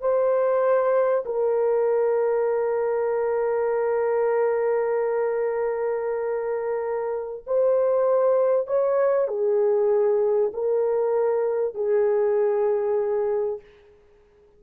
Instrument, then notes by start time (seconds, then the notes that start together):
horn
0.00 C5
1.25 A#4
7.46 C5
8.67 C#5
9.28 G#4
10.53 A#4
11.74 G#4